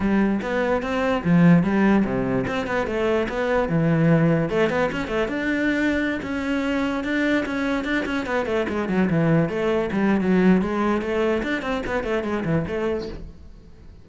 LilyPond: \new Staff \with { instrumentName = "cello" } { \time 4/4 \tempo 4 = 147 g4 b4 c'4 f4 | g4 c4 c'8 b8 a4 | b4 e2 a8 b8 | cis'8 a8 d'2~ d'16 cis'8.~ |
cis'4~ cis'16 d'4 cis'4 d'8 cis'16~ | cis'16 b8 a8 gis8 fis8 e4 a8.~ | a16 g8. fis4 gis4 a4 | d'8 c'8 b8 a8 gis8 e8 a4 | }